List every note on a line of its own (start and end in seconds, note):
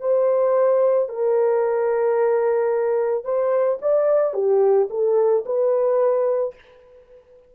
0.00 1.09 C5
1.09 3.24 A#4
3.24 3.79 C5
3.82 4.34 D5
4.34 4.88 G4
4.90 5.44 A4
5.46 6.55 B4